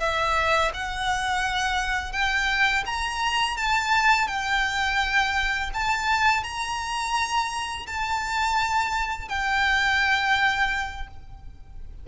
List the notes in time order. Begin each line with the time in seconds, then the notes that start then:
0.00 E5
0.74 F#5
2.12 G5
2.86 A#5
3.57 A5
4.27 G5
5.74 A5
6.43 A#5
7.86 A5
9.29 G5